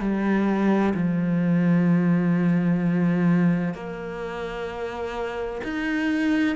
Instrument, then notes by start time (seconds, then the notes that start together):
cello
0.00 G3
0.94 F3
3.74 A#3
5.64 D#4